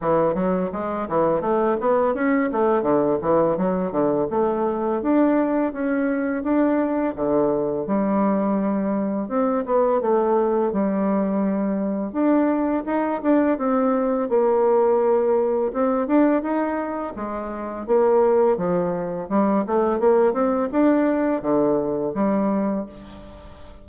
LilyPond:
\new Staff \with { instrumentName = "bassoon" } { \time 4/4 \tempo 4 = 84 e8 fis8 gis8 e8 a8 b8 cis'8 a8 | d8 e8 fis8 d8 a4 d'4 | cis'4 d'4 d4 g4~ | g4 c'8 b8 a4 g4~ |
g4 d'4 dis'8 d'8 c'4 | ais2 c'8 d'8 dis'4 | gis4 ais4 f4 g8 a8 | ais8 c'8 d'4 d4 g4 | }